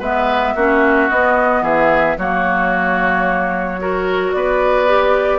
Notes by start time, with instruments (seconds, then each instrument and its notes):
0.00 bassoon G#3, clarinet B3, oboe B4, flute E5
0.55 bassoon A#3, clarinet C#4, oboe F#4
1.10 clarinet B3, bassoon B3, flute D#5
1.61 bassoon E3, oboe G#4, flute E5
2.18 bassoon F#3, clarinet A#3, oboe F#4, flute C#5
3.79 clarinet F#4, oboe A#4
4.33 bassoon B3, oboe B4, flute D5
4.87 clarinet G4